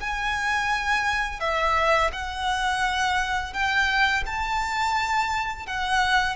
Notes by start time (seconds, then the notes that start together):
0.00 G#5
1.40 E5
2.12 F#5
3.53 G5
4.26 A5
5.66 F#5